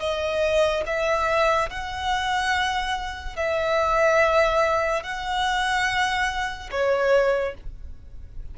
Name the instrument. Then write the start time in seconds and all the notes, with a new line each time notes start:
violin
0.00 D#5
0.86 E5
1.70 F#5
3.36 E5
5.03 F#5
6.71 C#5